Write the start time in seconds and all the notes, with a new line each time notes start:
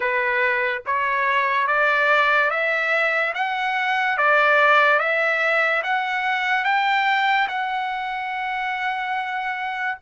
0.00 B4
0.86 C#5
1.67 D5
2.50 E5
3.34 F#5
4.17 D5
4.98 E5
5.83 F#5
6.64 G5
7.48 F#5